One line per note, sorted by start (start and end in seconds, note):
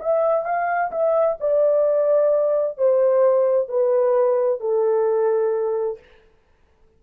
0.00 0.45 E5
0.45 0.91 F5
0.92 1.38 E5
1.41 2.78 D5
2.78 3.69 C5
3.69 4.60 B4
4.60 5.99 A4